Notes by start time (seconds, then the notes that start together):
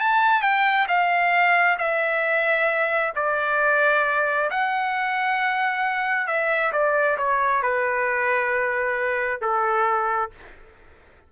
0.00 A5
0.42 G5
0.88 F5
1.78 E5
3.15 D5
4.50 F#5
6.27 E5
6.72 D5
7.17 C#5
7.62 B4
9.41 A4